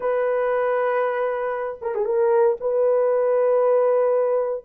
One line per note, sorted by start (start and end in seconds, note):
0.00 1.78 B4
1.81 1.94 A#4
1.94 2.05 G#4
2.05 2.57 A#4
2.60 4.64 B4